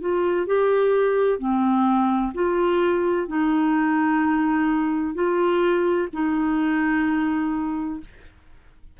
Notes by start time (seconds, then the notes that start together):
0.00 F4
0.46 G4
1.38 C4
2.34 F4
3.27 D#4
5.14 F4
6.12 D#4